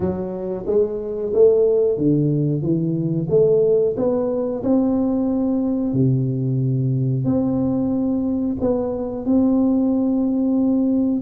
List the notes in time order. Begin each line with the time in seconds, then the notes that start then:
0.00 F#3
0.66 G#3
1.33 A3
1.97 D3
2.61 E3
3.29 A3
3.96 B3
4.63 C4
5.93 C3
7.24 C4
8.60 B3
9.25 C4